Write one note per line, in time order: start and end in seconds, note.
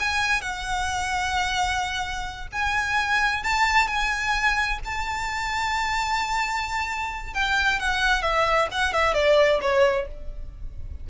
0.00 0.42 G#5
0.42 2.48 F#5
2.53 3.44 G#5
3.44 3.88 A5
3.88 4.79 G#5
4.85 7.34 A5
7.34 7.80 G5
7.80 8.23 F#5
8.23 8.69 E5
8.72 8.93 F#5
8.93 9.14 E5
9.14 9.60 D5
9.62 10.08 C#5